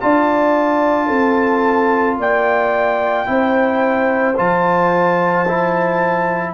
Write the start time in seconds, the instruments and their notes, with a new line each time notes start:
0.00 tuba D4, trombone F4, horn D5, trumpet A5
1.07 tuba C4, horn A4
2.18 tuba A#3, horn D5, trumpet G5
3.26 tuba C4, trombone E4, horn C5
4.37 tuba F3, trombone F4, trumpet A5
5.49 trombone E4